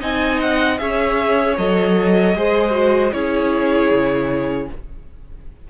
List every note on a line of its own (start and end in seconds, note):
0.00 0.79 C4
0.00 0.78 D#4
0.00 0.78 D#5
0.00 0.40 G#5
0.40 0.78 F#5
0.78 1.57 C#4
0.78 1.56 G#4
0.78 2.37 C#5
0.78 1.56 E5
1.57 2.35 F#3
1.57 2.35 A4
1.57 3.12 D#5
2.35 3.12 G#3
2.35 2.71 G#4
2.35 3.14 C5
2.71 3.10 F#4
3.12 3.91 C#4
3.12 4.68 E4
3.12 4.70 G#4
3.12 4.68 C#5
3.91 4.69 C#3